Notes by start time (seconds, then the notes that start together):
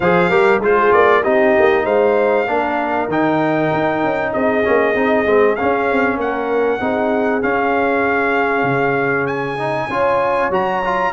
0.00 F3 G#4 C5 F5
0.29 G3 G4 A#4
0.59 G#3 F4 G#4 C5
0.92 A#3 D5
1.22 C4 D#4 G4 D#5
1.58 A#3
1.84 G#3 C5 F5
2.45 A#3 D4 A#4
3.08 D#3 D#4 G5
3.72 D#4
4.03 C#4
4.32 C4 G#4 D#5
4.63 A#3 C#4
4.94 C4 D#4
5.26 G#3 C4
5.55 C#4 F5
5.91 C4
6.16 A#3 A#4 F#5
6.80 C4 D#4 G#4
7.42 C#4 F5
8.62 C#3
9.26 G#5
9.58 D#4
9.88 C#4 F4 C#5
10.49 F#3 F#4 A#5
10.84 F4